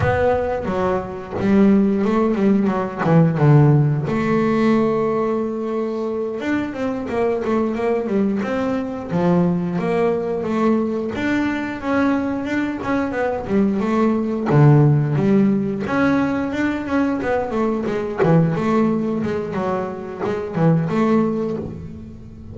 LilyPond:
\new Staff \with { instrumentName = "double bass" } { \time 4/4 \tempo 4 = 89 b4 fis4 g4 a8 g8 | fis8 e8 d4 a2~ | a4. d'8 c'8 ais8 a8 ais8 | g8 c'4 f4 ais4 a8~ |
a8 d'4 cis'4 d'8 cis'8 b8 | g8 a4 d4 g4 cis'8~ | cis'8 d'8 cis'8 b8 a8 gis8 e8 a8~ | a8 gis8 fis4 gis8 e8 a4 | }